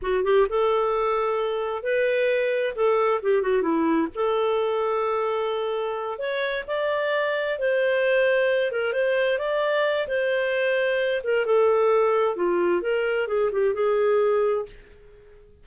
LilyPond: \new Staff \with { instrumentName = "clarinet" } { \time 4/4 \tempo 4 = 131 fis'8 g'8 a'2. | b'2 a'4 g'8 fis'8 | e'4 a'2.~ | a'4. cis''4 d''4.~ |
d''8 c''2~ c''8 ais'8 c''8~ | c''8 d''4. c''2~ | c''8 ais'8 a'2 f'4 | ais'4 gis'8 g'8 gis'2 | }